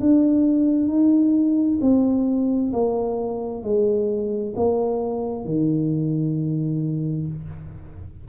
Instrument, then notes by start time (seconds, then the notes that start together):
tuba
0.00 D4
0.88 D#4
1.81 C4
2.73 A#3
3.63 G#3
4.56 A#3
5.45 D#3